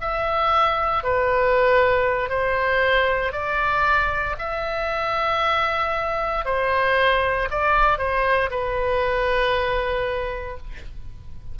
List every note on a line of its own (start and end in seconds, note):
0.00 1.03 E5
1.03 2.29 B4
2.29 3.32 C5
3.32 4.35 D5
4.39 6.45 E5
6.45 7.48 C5
7.50 7.98 D5
7.98 8.50 C5
8.50 10.57 B4